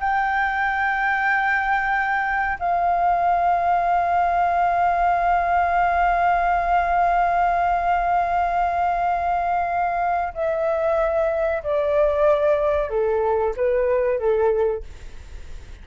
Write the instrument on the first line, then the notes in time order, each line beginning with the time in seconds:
flute
0.00 G5
2.59 F5
10.34 E5
11.63 D5
12.89 A4
13.56 B4
14.19 A4